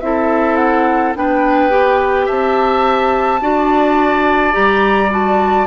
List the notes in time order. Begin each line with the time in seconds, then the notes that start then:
0.00 C4 E4 A4 E5
0.57 F#5
1.15 B3 D4 B4 G5
1.70 G4
2.26 C4 E5 A5
3.41 D4 F#4 D5
4.52 G3 G4 A#5
5.10 F#4 A5